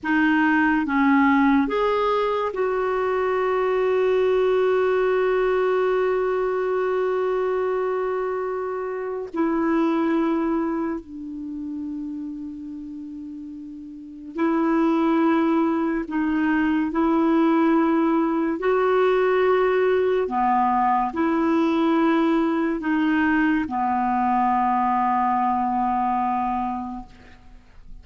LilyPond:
\new Staff \with { instrumentName = "clarinet" } { \time 4/4 \tempo 4 = 71 dis'4 cis'4 gis'4 fis'4~ | fis'1~ | fis'2. e'4~ | e'4 d'2.~ |
d'4 e'2 dis'4 | e'2 fis'2 | b4 e'2 dis'4 | b1 | }